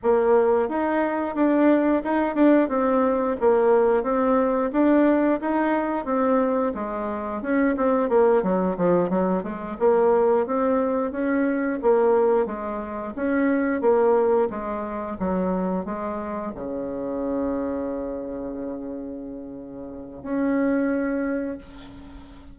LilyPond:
\new Staff \with { instrumentName = "bassoon" } { \time 4/4 \tempo 4 = 89 ais4 dis'4 d'4 dis'8 d'8 | c'4 ais4 c'4 d'4 | dis'4 c'4 gis4 cis'8 c'8 | ais8 fis8 f8 fis8 gis8 ais4 c'8~ |
c'8 cis'4 ais4 gis4 cis'8~ | cis'8 ais4 gis4 fis4 gis8~ | gis8 cis2.~ cis8~ | cis2 cis'2 | }